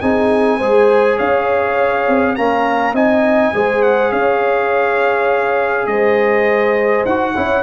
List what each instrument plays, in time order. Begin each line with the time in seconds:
0.00 tuba C4, trombone D#4, horn G#4, trumpet G#5
0.58 tuba G#3, trombone G#4, horn C5
1.16 tuba C#4, horn C#5, trumpet F5
2.08 tuba C4
2.35 tuba A#3, trombone C#4, horn F5, trumpet A#5
2.93 tuba C4, trombone D#4, horn D#5, trumpet G#5
3.53 tuba G#3, trombone G#4, horn C5
3.82 trumpet F#5
4.12 tuba C#4, horn C#5, trumpet F5
5.86 tuba G#3, horn C5, trumpet D#5
7.05 tuba D#4, trombone F#4, trumpet F#5
7.35 tuba C#4, trombone E4, horn C#5